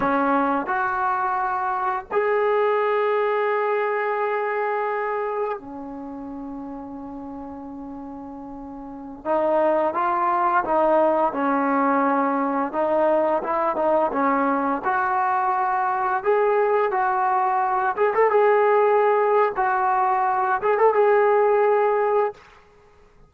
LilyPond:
\new Staff \with { instrumentName = "trombone" } { \time 4/4 \tempo 4 = 86 cis'4 fis'2 gis'4~ | gis'1 | cis'1~ | cis'4~ cis'16 dis'4 f'4 dis'8.~ |
dis'16 cis'2 dis'4 e'8 dis'16~ | dis'16 cis'4 fis'2 gis'8.~ | gis'16 fis'4. gis'16 a'16 gis'4.~ gis'16 | fis'4. gis'16 a'16 gis'2 | }